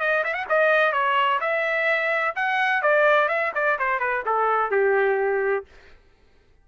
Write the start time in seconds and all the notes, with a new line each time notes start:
0.00 D#5
0.24 E5
0.34 F#5
0.49 D#5
0.93 C#5
1.40 E5
2.36 F#5
2.82 D5
3.28 E5
3.55 D5
3.79 C5
4.00 B4
4.26 A4
4.71 G4